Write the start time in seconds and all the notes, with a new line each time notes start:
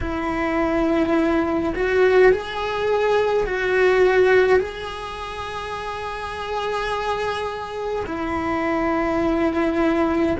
0.00 E4
1.75 F#4
2.32 G#4
3.46 F#4
4.58 G#4
8.06 E4